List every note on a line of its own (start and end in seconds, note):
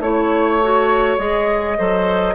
0.00 1.18 A3
0.00 0.62 E4
0.00 1.19 C#5
0.00 1.78 C#5
0.62 1.19 F#4
1.19 1.78 G#3
1.19 1.77 G#4
1.19 2.35 D#5
1.78 2.35 F#3
1.78 2.35 A4
1.78 2.35 C5